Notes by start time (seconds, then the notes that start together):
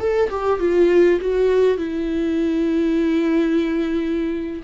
0.00 A4
0.30 G4
0.60 F4
1.21 F#4
1.78 E4